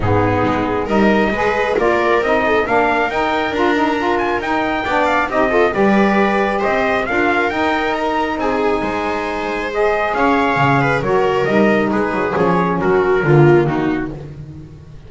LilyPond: <<
  \new Staff \with { instrumentName = "trumpet" } { \time 4/4 \tempo 4 = 136 gis'2 dis''2 | d''4 dis''4 f''4 g''4 | ais''4. gis''8 g''4. f''8 | dis''4 d''2 dis''4 |
f''4 g''4 ais''4 gis''4~ | gis''2 dis''4 f''4~ | f''4 cis''4 dis''4 b'4 | cis''4 ais'2 fis'4 | }
  \new Staff \with { instrumentName = "viola" } { \time 4/4 dis'2 ais'4 b'4 | ais'4. a'8 ais'2~ | ais'2. d''4 | g'8 a'8 b'2 c''4 |
ais'2. gis'4 | c''2. cis''4~ | cis''8 b'8 ais'2 gis'4~ | gis'4 fis'4 f'4 dis'4 | }
  \new Staff \with { instrumentName = "saxophone" } { \time 4/4 b2 dis'4 gis'4 | f'4 dis'4 d'4 dis'4 | f'8 dis'8 f'4 dis'4 d'4 | dis'8 f'8 g'2. |
f'4 dis'2.~ | dis'2 gis'2~ | gis'4 fis'4 dis'2 | cis'2 ais2 | }
  \new Staff \with { instrumentName = "double bass" } { \time 4/4 gis,4 gis4 g4 gis4 | ais4 c'4 ais4 dis'4 | d'2 dis'4 b4 | c'4 g2 c'4 |
d'4 dis'2 c'4 | gis2. cis'4 | cis4 fis4 g4 gis8 fis8 | f4 fis4 d4 dis4 | }
>>